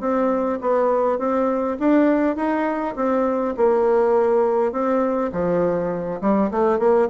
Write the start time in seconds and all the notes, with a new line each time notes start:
0.00 C4
0.61 B3
1.18 C4
1.79 D4
2.36 D#4
2.95 C4
3.57 A#3
4.72 C4
5.32 F3
6.21 G3
6.51 A3
6.79 A#3